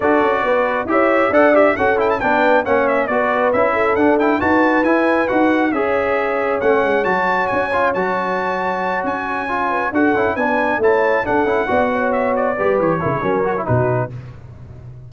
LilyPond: <<
  \new Staff \with { instrumentName = "trumpet" } { \time 4/4 \tempo 4 = 136 d''2 e''4 fis''8 e''8 | fis''8 g''16 a''16 g''4 fis''8 e''8 d''4 | e''4 fis''8 g''8 a''4 gis''4 | fis''4 e''2 fis''4 |
a''4 gis''4 a''2~ | a''8 gis''2 fis''4 gis''8~ | gis''8 a''4 fis''2 e''8 | d''4 cis''2 b'4 | }
  \new Staff \with { instrumentName = "horn" } { \time 4/4 a'4 b'4 cis''4 d''4 | a'4 b'4 cis''4 b'4~ | b'8 a'4. b'2~ | b'4 cis''2.~ |
cis''1~ | cis''2 b'8 a'4 b'8~ | b'8 cis''4 a'4 d''8 cis''4~ | cis''8 b'4 ais'16 gis'16 ais'4 fis'4 | }
  \new Staff \with { instrumentName = "trombone" } { \time 4/4 fis'2 g'4 a'8 g'8 | fis'8 e'8 d'4 cis'4 fis'4 | e'4 d'8 e'8 fis'4 e'4 | fis'4 gis'2 cis'4 |
fis'4. f'8 fis'2~ | fis'4. f'4 fis'8 e'8 d'8~ | d'8 e'4 d'8 e'8 fis'4.~ | fis'8 g'4 e'8 cis'8 fis'16 e'16 dis'4 | }
  \new Staff \with { instrumentName = "tuba" } { \time 4/4 d'8 cis'8 b4 e'4 d'4 | cis'4 b4 ais4 b4 | cis'4 d'4 dis'4 e'4 | dis'4 cis'2 a8 gis8 |
fis4 cis'4 fis2~ | fis8 cis'2 d'8 cis'8 b8~ | b8 a4 d'8 cis'8 b4.~ | b8 g8 e8 cis8 fis4 b,4 | }
>>